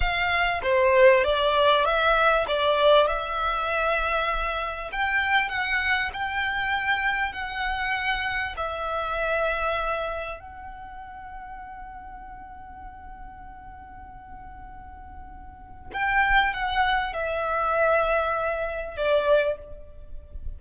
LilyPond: \new Staff \with { instrumentName = "violin" } { \time 4/4 \tempo 4 = 98 f''4 c''4 d''4 e''4 | d''4 e''2. | g''4 fis''4 g''2 | fis''2 e''2~ |
e''4 fis''2.~ | fis''1~ | fis''2 g''4 fis''4 | e''2. d''4 | }